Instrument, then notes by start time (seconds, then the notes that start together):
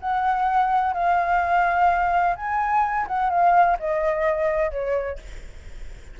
flute
0.00 F#5
0.93 F5
2.36 G#5
3.08 F#5
3.30 F5
3.79 D#5
4.71 C#5